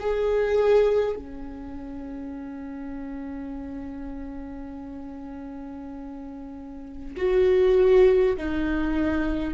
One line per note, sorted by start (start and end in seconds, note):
0.00 1.16 G#4
1.16 7.16 C#4
7.17 8.37 F#4
8.38 9.55 D#4